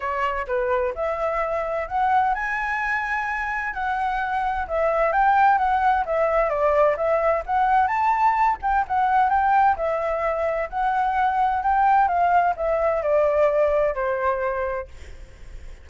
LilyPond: \new Staff \with { instrumentName = "flute" } { \time 4/4 \tempo 4 = 129 cis''4 b'4 e''2 | fis''4 gis''2. | fis''2 e''4 g''4 | fis''4 e''4 d''4 e''4 |
fis''4 a''4. g''8 fis''4 | g''4 e''2 fis''4~ | fis''4 g''4 f''4 e''4 | d''2 c''2 | }